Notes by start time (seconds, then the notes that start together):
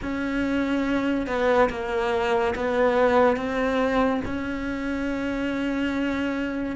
0.02 C#4
1.26 B3
1.69 A#3
2.55 B3
3.36 C4
4.25 C#4